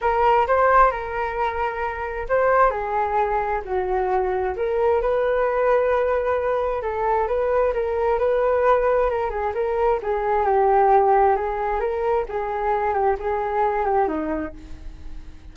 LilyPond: \new Staff \with { instrumentName = "flute" } { \time 4/4 \tempo 4 = 132 ais'4 c''4 ais'2~ | ais'4 c''4 gis'2 | fis'2 ais'4 b'4~ | b'2. a'4 |
b'4 ais'4 b'2 | ais'8 gis'8 ais'4 gis'4 g'4~ | g'4 gis'4 ais'4 gis'4~ | gis'8 g'8 gis'4. g'8 dis'4 | }